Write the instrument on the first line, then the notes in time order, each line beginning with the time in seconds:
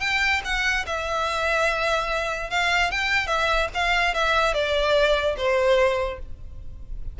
violin
0.00 G5
0.44 F#5
0.86 E5
2.50 F5
2.91 G5
3.27 E5
3.74 F5
4.14 E5
4.54 D5
5.37 C5